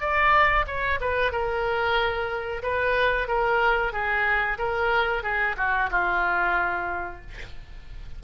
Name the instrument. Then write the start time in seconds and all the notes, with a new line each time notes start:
oboe
0.00 D5
0.67 C#5
1.00 B4
1.31 A#4
2.62 B4
3.28 A#4
3.92 G#4
4.58 A#4
5.23 G#4
5.57 F#4
5.90 F4